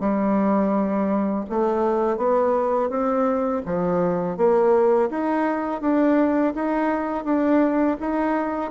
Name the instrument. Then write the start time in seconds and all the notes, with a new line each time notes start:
bassoon
0.00 G3
1.50 A3
2.17 B3
2.89 C4
3.65 F3
4.37 A#3
5.10 D#4
5.81 D4
6.55 D#4
7.24 D4
8.00 D#4